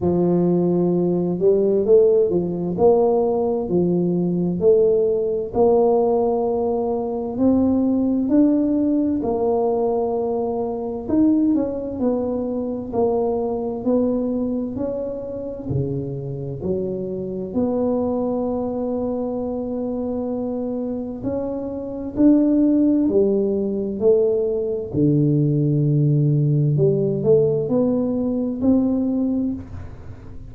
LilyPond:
\new Staff \with { instrumentName = "tuba" } { \time 4/4 \tempo 4 = 65 f4. g8 a8 f8 ais4 | f4 a4 ais2 | c'4 d'4 ais2 | dis'8 cis'8 b4 ais4 b4 |
cis'4 cis4 fis4 b4~ | b2. cis'4 | d'4 g4 a4 d4~ | d4 g8 a8 b4 c'4 | }